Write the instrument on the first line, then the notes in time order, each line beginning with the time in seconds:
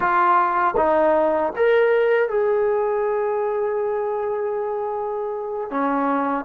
trombone
0.00 F4
0.77 D#4
1.56 A#4
2.28 G#4
5.70 C#4